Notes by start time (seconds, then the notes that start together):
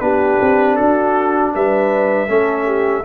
0.00 B3 D4 G4 B4
0.41 C4
0.76 D4 F#4 A4
1.55 G3 B4 E5
2.28 A3 C#4 A4
2.66 G4